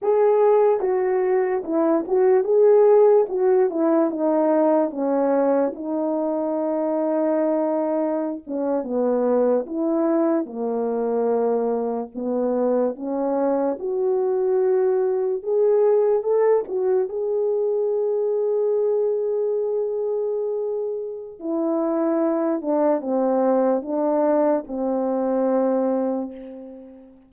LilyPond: \new Staff \with { instrumentName = "horn" } { \time 4/4 \tempo 4 = 73 gis'4 fis'4 e'8 fis'8 gis'4 | fis'8 e'8 dis'4 cis'4 dis'4~ | dis'2~ dis'16 cis'8 b4 e'16~ | e'8. ais2 b4 cis'16~ |
cis'8. fis'2 gis'4 a'16~ | a'16 fis'8 gis'2.~ gis'16~ | gis'2 e'4. d'8 | c'4 d'4 c'2 | }